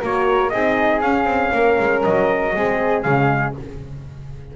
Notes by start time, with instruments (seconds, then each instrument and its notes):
0.00 double bass A#3, horn F#4, flute A#4, trumpet C#5
0.49 double bass C4, horn D#4, flute G#4, trumpet D#5
1.01 double bass C#4, horn C#4, trumpet F5
1.24 double bass C4
1.53 double bass A#3, flute A#4
1.79 double bass G#3
2.03 double bass F#3, trumpet D#5
2.55 double bass G#3, horn C4, flute G#4
3.03 double bass C#3, horn G#3, trumpet F5